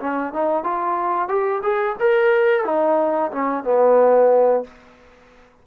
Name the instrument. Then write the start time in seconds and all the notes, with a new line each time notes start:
trombone
0.00 C#4
0.33 D#4
0.64 F4
1.28 G4
1.63 G#4
2.00 A#4
2.65 D#4
3.32 C#4
3.64 B3